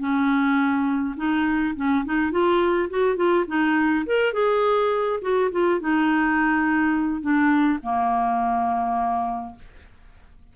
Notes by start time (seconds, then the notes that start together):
0.00 C#4
1.17 D#4
1.76 C#4
2.05 D#4
2.32 F4
2.91 F#4
3.17 F4
3.48 D#4
4.07 A#4
4.33 G#4
5.22 F#4
5.52 F4
5.81 D#4
7.22 D4
7.83 A#3